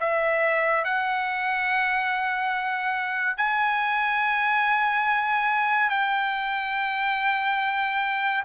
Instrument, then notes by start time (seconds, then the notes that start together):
trumpet
0.00 E5
0.85 F#5
3.38 G#5
5.90 G5